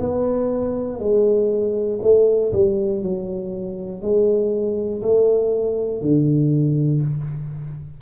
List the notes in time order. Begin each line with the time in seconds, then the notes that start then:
0.00 B3
1.00 G#3
2.02 A3
2.52 G3
3.02 F#3
4.02 G#3
5.02 A3
6.01 D3